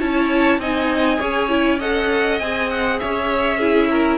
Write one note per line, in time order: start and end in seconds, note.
0.00 0.59 C#4
0.00 0.61 E4
0.00 0.60 C#5
0.00 0.60 A5
0.59 1.19 C4
0.59 1.20 D#4
0.59 1.20 D#5
0.59 1.80 G#5
1.20 2.41 C#4
1.20 1.50 G#4
1.20 1.79 C#5
1.50 1.79 E4
1.79 2.41 A4
1.79 2.99 D#5
1.79 2.40 F#5
2.40 3.01 C4
2.40 3.61 G#4
2.40 2.70 G#5
2.70 3.00 F#5
3.00 4.19 C#4
3.00 3.58 C#5
3.00 4.19 E5
3.58 4.19 E4
3.58 3.88 G#4
3.91 4.19 A#4